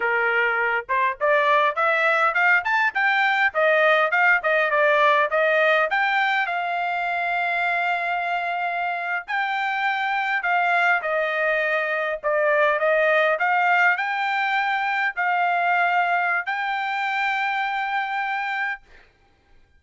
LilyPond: \new Staff \with { instrumentName = "trumpet" } { \time 4/4 \tempo 4 = 102 ais'4. c''8 d''4 e''4 | f''8 a''8 g''4 dis''4 f''8 dis''8 | d''4 dis''4 g''4 f''4~ | f''2.~ f''8. g''16~ |
g''4.~ g''16 f''4 dis''4~ dis''16~ | dis''8. d''4 dis''4 f''4 g''16~ | g''4.~ g''16 f''2~ f''16 | g''1 | }